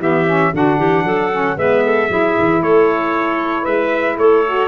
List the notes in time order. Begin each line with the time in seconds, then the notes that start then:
0.00 E3 B3 G4 E5
0.27 C#4
0.54 D3 D4 F#4 F#5
0.78 E3 G4
1.05 F#3 A4
1.31 C#4
1.57 G#3 B3 B4 E5
1.85 A4
2.10 F#3 E4 G#4
2.38 E3
2.62 A3 A4 C#5
3.63 G#3 B4 E5
4.18 A3 A4 C#5
4.47 F#4